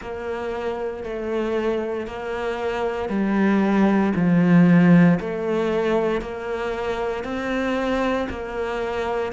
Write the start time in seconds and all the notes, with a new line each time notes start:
0.00 A#3
1.03 A3
2.06 A#3
3.09 G3
4.15 F3
5.20 A3
6.21 A#3
7.24 C4
8.29 A#3